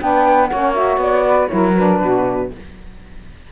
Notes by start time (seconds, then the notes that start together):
0.00 B3 D4 B4 G5
0.47 A#3 C#5 F#5
0.53 C#4
0.74 F#4 E5
0.97 B3 D5
1.26 B4
1.47 F#3 E4 A#4 C#5
1.76 D4 B4
2.01 B2 F#4